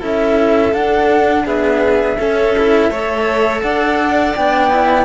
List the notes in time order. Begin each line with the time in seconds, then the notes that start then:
0.00 C#4 E4 A4 E5
0.74 D4 F#5
1.46 B3 G#4 E5
2.19 C#4 A4
2.58 E4
2.90 A3 A4 C#5
3.62 D4 D5 F#5
4.36 B3 D4 G5
4.71 E4